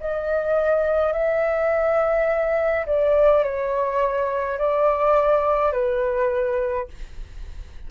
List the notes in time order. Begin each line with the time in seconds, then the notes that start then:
0.00 D#5
1.13 E5
2.86 D5
3.44 C#5
4.58 D5
5.72 B4